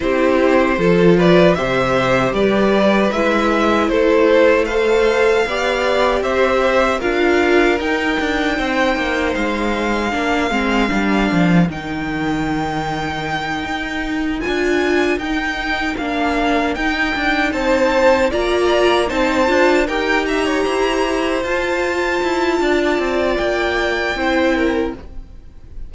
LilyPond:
<<
  \new Staff \with { instrumentName = "violin" } { \time 4/4 \tempo 4 = 77 c''4. d''8 e''4 d''4 | e''4 c''4 f''2 | e''4 f''4 g''2 | f''2. g''4~ |
g''2~ g''8 gis''4 g''8~ | g''8 f''4 g''4 a''4 ais''8~ | ais''8 a''4 g''8 ais''4. a''8~ | a''2 g''2 | }
  \new Staff \with { instrumentName = "violin" } { \time 4/4 g'4 a'8 b'8 c''4 b'4~ | b'4 a'4 c''4 d''4 | c''4 ais'2 c''4~ | c''4 ais'2.~ |
ais'1~ | ais'2~ ais'8 c''4 d''8~ | d''8 c''4 ais'8 e''16 cis''16 c''4.~ | c''4 d''2 c''8 ais'8 | }
  \new Staff \with { instrumentName = "viola" } { \time 4/4 e'4 f'4 g'2 | e'2 a'4 g'4~ | g'4 f'4 dis'2~ | dis'4 d'8 c'8 d'4 dis'4~ |
dis'2~ dis'8 f'4 dis'8~ | dis'8 d'4 dis'2 f'8~ | f'8 dis'8 f'8 g'2 f'8~ | f'2. e'4 | }
  \new Staff \with { instrumentName = "cello" } { \time 4/4 c'4 f4 c4 g4 | gis4 a2 b4 | c'4 d'4 dis'8 d'8 c'8 ais8 | gis4 ais8 gis8 g8 f8 dis4~ |
dis4. dis'4 d'4 dis'8~ | dis'8 ais4 dis'8 d'8 c'4 ais8~ | ais8 c'8 d'8 dis'4 e'4 f'8~ | f'8 e'8 d'8 c'8 ais4 c'4 | }
>>